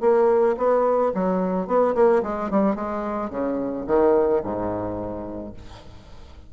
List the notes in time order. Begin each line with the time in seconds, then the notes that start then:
0.00 A#3
0.57 B3
1.14 F#3
1.67 B3
1.94 A#3
2.23 G#3
2.50 G3
2.75 G#3
3.30 C#3
3.86 D#3
4.43 G#2